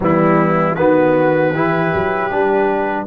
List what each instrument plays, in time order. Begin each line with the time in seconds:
0.00 tuba E3, trombone G3, horn B3, trumpet E4
0.75 tuba D#3, trombone B3, horn F#4, trumpet B4
1.52 tuba E3, trombone E4, horn G4
1.94 tuba F#3
2.30 tuba G3, trombone D4